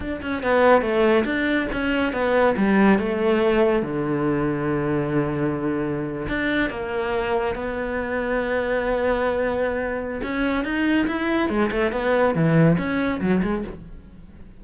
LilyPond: \new Staff \with { instrumentName = "cello" } { \time 4/4 \tempo 4 = 141 d'8 cis'8 b4 a4 d'4 | cis'4 b4 g4 a4~ | a4 d2.~ | d2~ d8. d'4 ais16~ |
ais4.~ ais16 b2~ b16~ | b1 | cis'4 dis'4 e'4 gis8 a8 | b4 e4 cis'4 fis8 gis8 | }